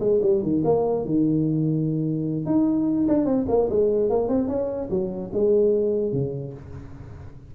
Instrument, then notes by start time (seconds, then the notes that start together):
tuba
0.00 G#3
0.22 G3
0.42 D#3
0.65 A#3
1.05 D#3
2.46 D#4
3.08 D4
3.25 C4
3.49 A#3
3.70 G#3
4.10 A#3
4.29 C4
4.48 C#4
4.90 F#3
5.33 G#3
6.12 C#3